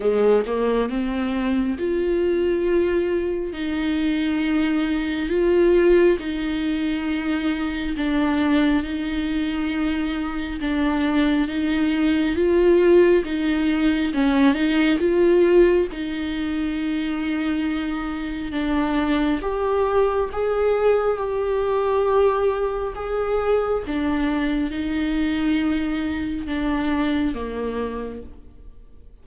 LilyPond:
\new Staff \with { instrumentName = "viola" } { \time 4/4 \tempo 4 = 68 gis8 ais8 c'4 f'2 | dis'2 f'4 dis'4~ | dis'4 d'4 dis'2 | d'4 dis'4 f'4 dis'4 |
cis'8 dis'8 f'4 dis'2~ | dis'4 d'4 g'4 gis'4 | g'2 gis'4 d'4 | dis'2 d'4 ais4 | }